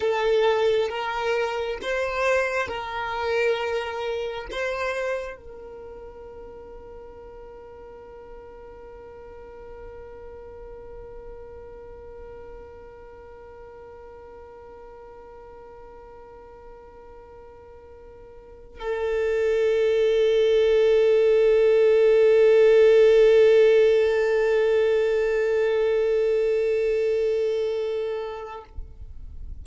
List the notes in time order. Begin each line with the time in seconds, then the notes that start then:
0.00 A4
0.88 A#4
1.82 C5
2.67 A#4
4.51 C5
5.36 A#4
18.79 A4